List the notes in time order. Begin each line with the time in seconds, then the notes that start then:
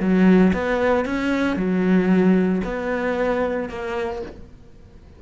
0.00 F#3
0.54 B3
1.06 C#4
1.57 F#3
2.64 B3
3.69 A#3